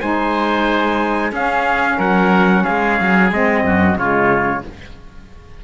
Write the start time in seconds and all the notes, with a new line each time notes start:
0.00 G#3 D#4 C5 G#5
1.32 C#4 G#4 F5
1.98 F#3 A#4 F#5
2.64 G#3 G#4 F5
3.01 F#3
3.32 G#3 C4 D#5
3.64 F#2 F#4
3.96 C#3 G#3 F4 C#5